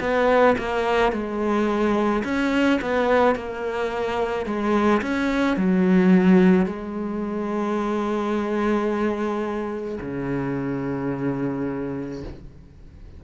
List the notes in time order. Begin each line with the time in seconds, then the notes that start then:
0.00 B3
0.58 A#3
1.12 G#3
2.24 C#4
2.81 B3
3.35 A#3
4.45 G#3
5.02 C#4
5.57 F#3
6.66 G#3
10.01 C#3